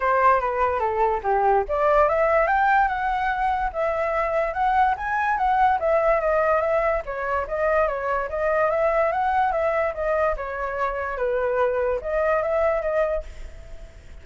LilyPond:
\new Staff \with { instrumentName = "flute" } { \time 4/4 \tempo 4 = 145 c''4 b'4 a'4 g'4 | d''4 e''4 g''4 fis''4~ | fis''4 e''2 fis''4 | gis''4 fis''4 e''4 dis''4 |
e''4 cis''4 dis''4 cis''4 | dis''4 e''4 fis''4 e''4 | dis''4 cis''2 b'4~ | b'4 dis''4 e''4 dis''4 | }